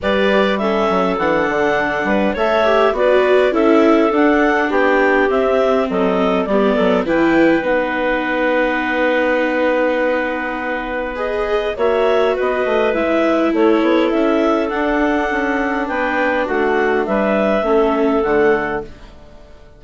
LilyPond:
<<
  \new Staff \with { instrumentName = "clarinet" } { \time 4/4 \tempo 4 = 102 d''4 e''4 fis''2 | e''4 d''4 e''4 fis''4 | g''4 e''4 dis''4 d''4 | g''4 fis''2.~ |
fis''2. dis''4 | e''4 dis''4 e''4 cis''4 | e''4 fis''2 g''4 | fis''4 e''2 fis''4 | }
  \new Staff \with { instrumentName = "clarinet" } { \time 4/4 b'4 a'2~ a'8 b'8 | cis''4 b'4 a'2 | g'2 a'4 g'8 a'8 | b'1~ |
b'1 | cis''4 b'2 a'4~ | a'2. b'4 | fis'4 b'4 a'2 | }
  \new Staff \with { instrumentName = "viola" } { \time 4/4 g'4 cis'4 d'2 | a'8 g'8 fis'4 e'4 d'4~ | d'4 c'2 b4 | e'4 dis'2.~ |
dis'2. gis'4 | fis'2 e'2~ | e'4 d'2.~ | d'2 cis'4 a4 | }
  \new Staff \with { instrumentName = "bassoon" } { \time 4/4 g4. fis8 e8 d4 g8 | a4 b4 cis'4 d'4 | b4 c'4 fis4 g8 fis8 | e4 b2.~ |
b1 | ais4 b8 a8 gis4 a8 b8 | cis'4 d'4 cis'4 b4 | a4 g4 a4 d4 | }
>>